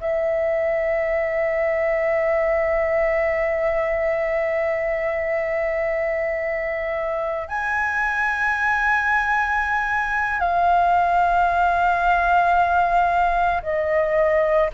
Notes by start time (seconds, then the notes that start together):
0.00 E5
7.48 G#5
10.40 F5
13.62 D#5